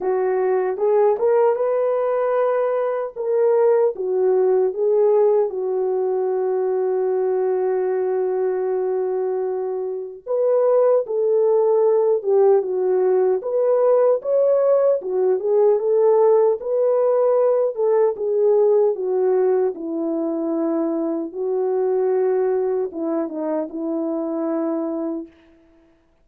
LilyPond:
\new Staff \with { instrumentName = "horn" } { \time 4/4 \tempo 4 = 76 fis'4 gis'8 ais'8 b'2 | ais'4 fis'4 gis'4 fis'4~ | fis'1~ | fis'4 b'4 a'4. g'8 |
fis'4 b'4 cis''4 fis'8 gis'8 | a'4 b'4. a'8 gis'4 | fis'4 e'2 fis'4~ | fis'4 e'8 dis'8 e'2 | }